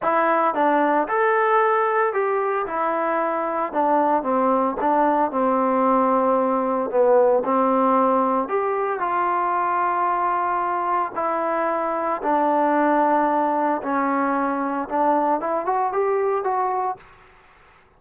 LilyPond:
\new Staff \with { instrumentName = "trombone" } { \time 4/4 \tempo 4 = 113 e'4 d'4 a'2 | g'4 e'2 d'4 | c'4 d'4 c'2~ | c'4 b4 c'2 |
g'4 f'2.~ | f'4 e'2 d'4~ | d'2 cis'2 | d'4 e'8 fis'8 g'4 fis'4 | }